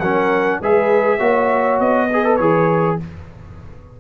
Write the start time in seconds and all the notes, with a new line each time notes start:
0.00 F#3 C#4 A#4 F#5
0.61 G#3 G#4 B4 E5
1.18 A#3 F#4 C#5
1.80 B3 D#5
2.09 G#4 B4
2.25 A4
2.36 E3 G#4 C#5